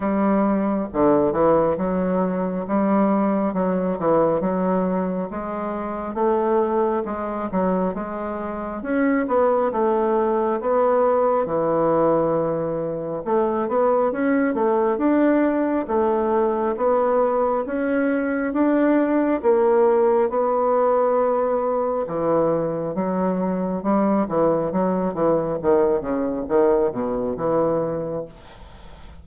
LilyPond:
\new Staff \with { instrumentName = "bassoon" } { \time 4/4 \tempo 4 = 68 g4 d8 e8 fis4 g4 | fis8 e8 fis4 gis4 a4 | gis8 fis8 gis4 cis'8 b8 a4 | b4 e2 a8 b8 |
cis'8 a8 d'4 a4 b4 | cis'4 d'4 ais4 b4~ | b4 e4 fis4 g8 e8 | fis8 e8 dis8 cis8 dis8 b,8 e4 | }